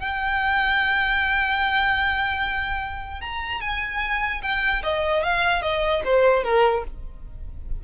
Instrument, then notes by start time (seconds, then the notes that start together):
violin
0.00 G5
3.21 A#5
3.61 G#5
4.43 G5
4.84 D#5
5.24 F5
5.63 D#5
6.05 C5
6.44 A#4